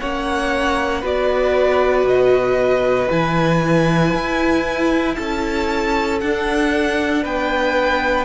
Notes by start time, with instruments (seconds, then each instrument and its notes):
0.00 cello A#3, viola C#4, violin C#5 F#5
1.01 cello B3, viola F#4, violin B4 D5
2.04 cello B2, violin D#5
3.10 cello E3, viola E4, violin G#5
4.14 cello E4
5.15 cello C#4, violin A4 A5
6.20 viola D4, cello D4, violin F#5
7.23 cello B3, violin B4 G5